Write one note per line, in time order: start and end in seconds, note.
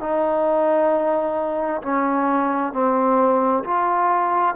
0.00 1.82 D#4
1.82 2.73 C#4
2.73 3.64 C4
3.64 4.55 F4